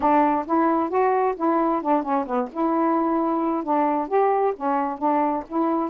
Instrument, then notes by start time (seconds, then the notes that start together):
saxophone
0.00 D4
0.46 E4
0.89 F#4
1.36 E4
1.82 D4
2.02 C#4
2.26 B3
2.52 E4
3.63 D4
4.08 G4
4.56 C#4
4.98 D4
5.48 E4